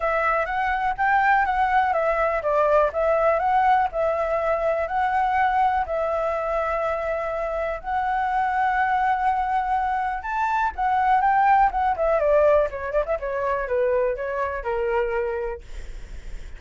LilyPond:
\new Staff \with { instrumentName = "flute" } { \time 4/4 \tempo 4 = 123 e''4 fis''4 g''4 fis''4 | e''4 d''4 e''4 fis''4 | e''2 fis''2 | e''1 |
fis''1~ | fis''4 a''4 fis''4 g''4 | fis''8 e''8 d''4 cis''8 d''16 e''16 cis''4 | b'4 cis''4 ais'2 | }